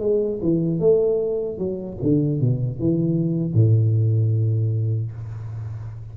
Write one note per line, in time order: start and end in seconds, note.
0.00 0.39 G#3
0.42 0.80 E3
0.80 1.58 A3
1.58 1.98 F#3
2.02 2.40 D3
2.40 2.79 B2
2.79 3.54 E3
3.54 5.12 A2